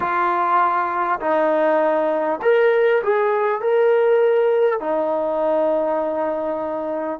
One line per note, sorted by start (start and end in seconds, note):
0.00 1.19 F4
1.19 2.39 D#4
2.42 3.02 A#4
3.03 3.61 G#4
3.61 4.80 A#4
4.80 7.19 D#4